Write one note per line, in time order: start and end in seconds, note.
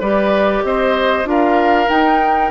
0.00 0.63 G3
0.00 1.25 G4
0.00 0.62 B4
0.00 0.64 D5
0.63 1.25 C4
0.63 1.29 C5
0.63 1.27 D#5
1.25 1.87 D4
1.25 1.86 F4
1.25 2.51 A#4
1.25 1.89 F5
1.86 2.49 D#4
1.86 2.51 D#4
1.86 2.51 G5